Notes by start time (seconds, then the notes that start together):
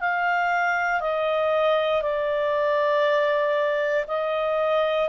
0.00 F5
1.01 D#5
2.02 D5
4.08 D#5